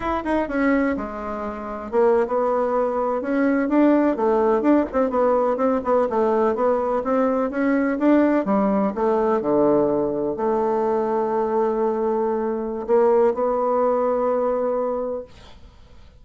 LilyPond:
\new Staff \with { instrumentName = "bassoon" } { \time 4/4 \tempo 4 = 126 e'8 dis'8 cis'4 gis2 | ais8. b2 cis'4 d'16~ | d'8. a4 d'8 c'8 b4 c'16~ | c'16 b8 a4 b4 c'4 cis'16~ |
cis'8. d'4 g4 a4 d16~ | d4.~ d16 a2~ a16~ | a2. ais4 | b1 | }